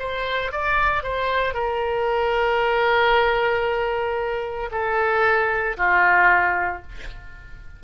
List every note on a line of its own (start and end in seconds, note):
0.00 0.53 C5
0.53 1.03 D5
1.03 1.55 C5
1.55 4.70 A#4
4.72 5.77 A4
5.78 6.83 F4